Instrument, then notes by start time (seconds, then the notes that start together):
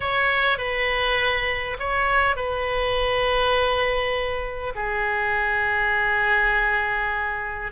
oboe
0.00 C#5
0.58 B4
1.79 C#5
2.36 B4
4.75 G#4